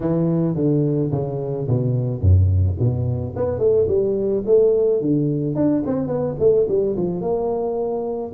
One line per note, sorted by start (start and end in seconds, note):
0.00 0.55 E3
0.55 1.10 D3
1.11 1.67 C#3
1.67 2.20 B2
2.20 2.76 F#2
2.79 3.34 B2
3.36 3.59 B3
3.59 3.86 A3
3.88 4.43 G3
4.46 5.01 A3
5.01 5.55 D3
5.55 5.82 D4
5.86 6.07 C4
6.07 6.35 B3
6.39 6.66 A3
6.68 6.96 G3
6.96 7.21 F3
7.21 8.32 A#3